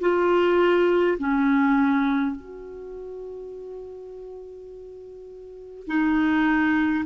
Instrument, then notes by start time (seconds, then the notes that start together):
clarinet
0.00 F4
1.18 C#4
2.35 F#4
5.87 D#4